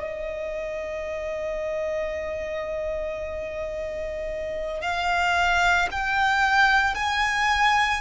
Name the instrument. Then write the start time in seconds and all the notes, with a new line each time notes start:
violin
0.00 D#5
4.82 F5
5.92 G5
6.95 G#5